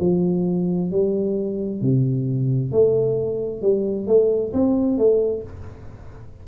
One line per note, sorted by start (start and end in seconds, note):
0.00 0.91 F3
0.91 1.81 G3
1.81 2.72 C3
2.72 3.62 A3
3.62 4.07 G3
4.07 4.52 A3
4.53 4.98 C4
4.98 5.43 A3